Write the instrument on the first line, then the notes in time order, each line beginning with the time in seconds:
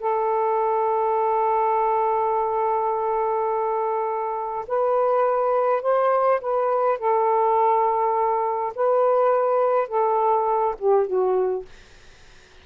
saxophone
0.00 A4
4.68 B4
5.83 C5
6.41 B4
6.99 A4
8.75 B4
9.88 A4
10.79 G4
11.07 F#4